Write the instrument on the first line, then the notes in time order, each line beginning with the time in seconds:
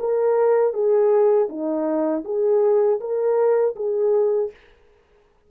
horn
0.00 A#4
0.74 G#4
1.49 D#4
2.25 G#4
3.00 A#4
3.76 G#4